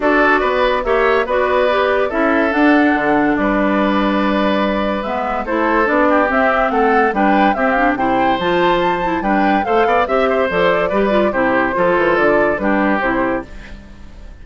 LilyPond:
<<
  \new Staff \with { instrumentName = "flute" } { \time 4/4 \tempo 4 = 143 d''2 e''4 d''4~ | d''4 e''4 fis''2 | d''1 | e''4 c''4 d''4 e''4 |
fis''4 g''4 e''8 f''8 g''4 | a''2 g''4 f''4 | e''4 d''2 c''4~ | c''4 d''4 b'4 c''4 | }
  \new Staff \with { instrumentName = "oboe" } { \time 4/4 a'4 b'4 cis''4 b'4~ | b'4 a'2. | b'1~ | b'4 a'4. g'4. |
a'4 b'4 g'4 c''4~ | c''2 b'4 c''8 d''8 | e''8 c''4. b'4 g'4 | a'2 g'2 | }
  \new Staff \with { instrumentName = "clarinet" } { \time 4/4 fis'2 g'4 fis'4 | g'4 e'4 d'2~ | d'1 | b4 e'4 d'4 c'4~ |
c'4 d'4 c'8 d'8 e'4 | f'4. e'8 d'4 a'4 | g'4 a'4 g'8 f'8 e'4 | f'2 d'4 e'4 | }
  \new Staff \with { instrumentName = "bassoon" } { \time 4/4 d'4 b4 ais4 b4~ | b4 cis'4 d'4 d4 | g1 | gis4 a4 b4 c'4 |
a4 g4 c'4 c4 | f2 g4 a8 b8 | c'4 f4 g4 c4 | f8 e8 d4 g4 c4 | }
>>